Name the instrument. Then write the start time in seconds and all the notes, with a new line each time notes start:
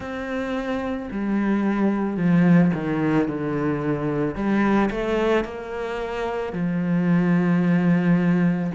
cello
0.00 C4
1.11 G3
2.17 F3
2.74 D#3
3.27 D3
4.35 G3
4.90 A3
5.44 A#3
6.53 F3